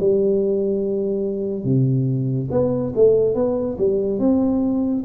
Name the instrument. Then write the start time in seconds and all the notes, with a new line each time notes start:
tuba
0.00 G3
1.64 C3
2.51 B3
2.95 A3
3.35 B3
3.78 G3
4.19 C4